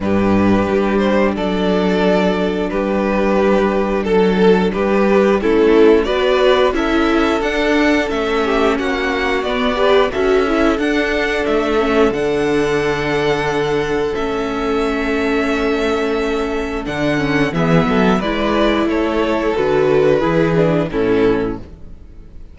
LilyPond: <<
  \new Staff \with { instrumentName = "violin" } { \time 4/4 \tempo 4 = 89 b'4. c''8 d''2 | b'2 a'4 b'4 | a'4 d''4 e''4 fis''4 | e''4 fis''4 d''4 e''4 |
fis''4 e''4 fis''2~ | fis''4 e''2.~ | e''4 fis''4 e''4 d''4 | cis''4 b'2 a'4 | }
  \new Staff \with { instrumentName = "violin" } { \time 4/4 g'2 a'2 | g'2 a'4 g'4 | e'4 b'4 a'2~ | a'8 g'8 fis'4. b'8 a'4~ |
a'1~ | a'1~ | a'2 gis'8 a'8 b'4 | a'2 gis'4 e'4 | }
  \new Staff \with { instrumentName = "viola" } { \time 4/4 d'1~ | d'1 | cis'4 fis'4 e'4 d'4 | cis'2 b8 g'8 fis'8 e'8 |
d'4. cis'8 d'2~ | d'4 cis'2.~ | cis'4 d'8 cis'8 b4 e'4~ | e'4 fis'4 e'8 d'8 cis'4 | }
  \new Staff \with { instrumentName = "cello" } { \time 4/4 g,4 g4 fis2 | g2 fis4 g4 | a4 b4 cis'4 d'4 | a4 ais4 b4 cis'4 |
d'4 a4 d2~ | d4 a2.~ | a4 d4 e8 fis8 gis4 | a4 d4 e4 a,4 | }
>>